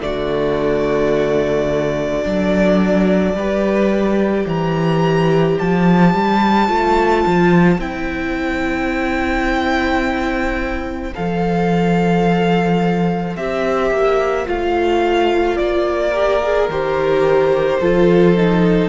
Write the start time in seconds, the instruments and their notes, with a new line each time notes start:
0.00 cello D3, viola A3, violin F#4 D5
2.23 cello F#3, viola D4, violin A4
3.34 cello G3, viola G4, violin B4
4.46 cello E3, violin C5 A#5
5.59 cello F3, violin A5
6.14 cello G3
6.68 cello A3, viola F4
7.27 cello F3
7.79 cello C4, viola E4, violin G5
11.15 cello F3, viola A4, violin F5
13.37 cello C4, viola G4, violin E5
13.91 cello A#3
14.46 cello A3, viola F4, violin F5
15.57 cello A#3, violin D5
16.12 viola G4, violin A#4
16.43 viola G#4
16.70 cello D#3, viola G4, violin C5
17.81 cello F3, viola F4, violin A4
18.37 viola D#4